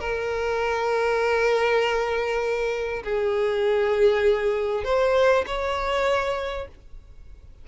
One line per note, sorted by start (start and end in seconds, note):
0.00 3.03 A#4
3.03 4.84 G#4
4.84 5.45 C5
5.46 6.67 C#5